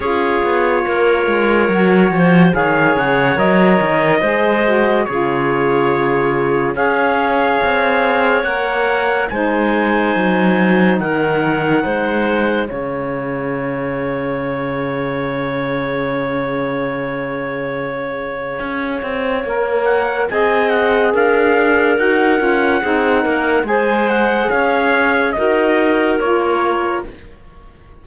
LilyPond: <<
  \new Staff \with { instrumentName = "trumpet" } { \time 4/4 \tempo 4 = 71 cis''2. f''8 fis''8 | dis''2 cis''2 | f''2 fis''4 gis''4~ | gis''4 fis''2 f''4~ |
f''1~ | f''2.~ f''8 fis''8 | gis''8 fis''8 f''4 fis''2 | gis''8 fis''8 f''4 dis''4 cis''4 | }
  \new Staff \with { instrumentName = "clarinet" } { \time 4/4 gis'4 ais'4. c''8 cis''4~ | cis''4 c''4 gis'2 | cis''2. c''4~ | c''4 ais'4 c''4 cis''4~ |
cis''1~ | cis''1 | dis''4 ais'2 gis'8 ais'8 | c''4 cis''4 ais'2 | }
  \new Staff \with { instrumentName = "saxophone" } { \time 4/4 f'2 fis'4 gis'4 | ais'4 gis'8 fis'8 f'2 | gis'2 ais'4 dis'4~ | dis'2. gis'4~ |
gis'1~ | gis'2. ais'4 | gis'2 fis'8 f'8 dis'4 | gis'2 fis'4 f'4 | }
  \new Staff \with { instrumentName = "cello" } { \time 4/4 cis'8 b8 ais8 gis8 fis8 f8 dis8 cis8 | fis8 dis8 gis4 cis2 | cis'4 c'4 ais4 gis4 | fis4 dis4 gis4 cis4~ |
cis1~ | cis2 cis'8 c'8 ais4 | c'4 d'4 dis'8 cis'8 c'8 ais8 | gis4 cis'4 dis'4 ais4 | }
>>